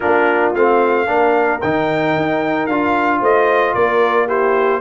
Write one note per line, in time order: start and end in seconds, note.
0.00 0.54 A#3
0.00 0.54 D4
0.00 1.06 F4
0.00 0.52 A#4
0.54 1.07 A3
0.54 1.06 C4
0.54 1.61 F5
1.06 1.61 A#3
1.06 1.59 D4
1.06 3.20 A#4
1.61 2.16 D#3
1.61 2.69 D#4
1.61 2.66 G5
2.16 2.68 D#4
2.66 3.21 D4
2.66 4.28 F4
2.66 3.20 F5
3.20 3.74 A3
3.20 3.73 C5
3.20 3.74 D#5
3.74 4.81 A#3
3.74 4.26 A#4
3.74 4.27 D5
4.26 4.81 E4
4.26 4.80 G4
4.26 4.81 C5